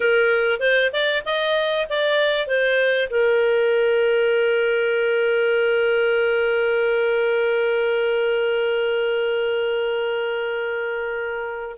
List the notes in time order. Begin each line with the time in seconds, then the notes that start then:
0.00 A#4
0.60 C5
0.92 D5
1.25 D#5
1.89 D5
2.47 C5
3.09 A#4